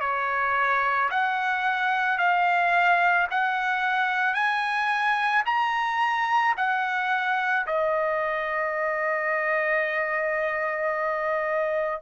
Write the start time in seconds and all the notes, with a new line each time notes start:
0.00 C#5
1.11 F#5
2.18 F5
3.30 F#5
4.34 G#5
5.45 A#5
6.57 F#5
7.67 D#5